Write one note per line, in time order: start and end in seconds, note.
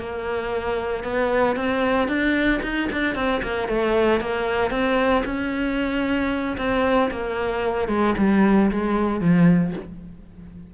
0.00 1.04 A#3
1.04 1.56 B3
1.56 2.08 C4
2.08 2.61 D4
2.63 2.89 D#4
2.92 3.15 D4
3.15 3.42 C4
3.43 3.68 A#3
3.68 4.21 A3
4.21 4.71 A#3
4.71 5.23 C4
5.25 6.57 C#4
6.58 7.10 C4
7.11 7.88 A#3
7.88 8.15 G#3
8.18 8.71 G3
8.71 9.21 G#3
9.21 9.73 F3